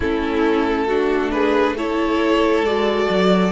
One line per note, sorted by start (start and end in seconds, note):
0.00 2.62 A3
0.00 0.89 C#4
0.00 0.87 E4
0.00 1.31 A4
0.87 1.77 D4
0.87 1.31 F#4
1.31 1.76 G#4
1.31 1.75 B4
1.76 2.65 E4
1.76 3.51 A4
1.76 2.65 C#5
2.62 3.07 G#3
2.62 3.51 F#4
2.62 3.51 D5
3.09 3.51 F#3